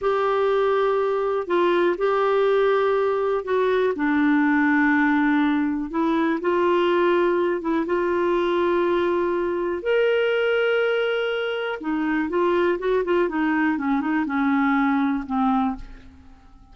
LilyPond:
\new Staff \with { instrumentName = "clarinet" } { \time 4/4 \tempo 4 = 122 g'2. f'4 | g'2. fis'4 | d'1 | e'4 f'2~ f'8 e'8 |
f'1 | ais'1 | dis'4 f'4 fis'8 f'8 dis'4 | cis'8 dis'8 cis'2 c'4 | }